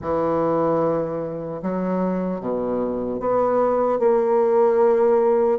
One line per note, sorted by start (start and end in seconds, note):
0.01 1.61 E3
1.62 2.40 F#3
2.40 3.20 B2
3.20 3.99 B3
3.99 5.59 A#3